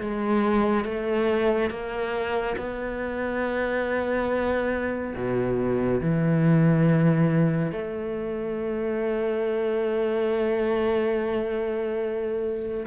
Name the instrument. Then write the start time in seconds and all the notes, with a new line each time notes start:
cello
0.00 G#3
0.84 A3
1.70 A#3
2.57 B3
5.16 B2
6.00 E3
7.71 A3